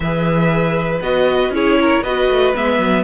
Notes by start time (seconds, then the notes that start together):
0.00 E3 G#4 B4 E5
1.00 B3 F#4 D#5
1.49 C#4 E4 G#4 C#5
1.81 A#4
2.02 B3 F#4 B4 D#5
2.29 A3
2.54 G#3 B3 E5
2.78 F#3